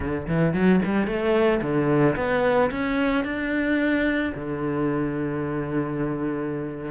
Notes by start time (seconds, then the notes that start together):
0.00 D3
0.27 E3
0.53 F#3
0.84 G3
1.07 A3
1.61 D3
2.16 B3
2.70 C#4
3.24 D4
4.34 D3